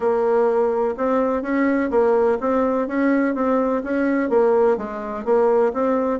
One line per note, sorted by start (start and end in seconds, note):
0.00 0.94 A#3
0.97 1.42 C4
1.42 1.90 C#4
1.90 2.38 A#3
2.40 2.87 C4
2.87 3.34 C#4
3.34 3.82 C4
3.83 4.29 C#4
4.29 4.77 A#3
4.77 5.24 G#3
5.24 5.72 A#3
5.73 6.19 C4